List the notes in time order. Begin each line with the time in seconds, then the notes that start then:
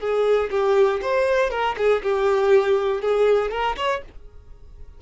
0.00 G#4
0.51 G4
1.02 C5
1.50 A#4
1.77 G#4
2.03 G4
3.02 G#4
3.51 A#4
3.77 C#5